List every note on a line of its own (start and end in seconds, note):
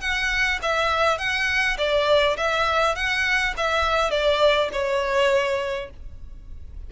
0.00 0.59 F#5
0.62 1.18 E5
1.18 1.76 F#5
1.77 2.36 D5
2.37 2.95 E5
2.95 3.54 F#5
3.57 4.10 E5
4.10 4.69 D5
4.72 5.90 C#5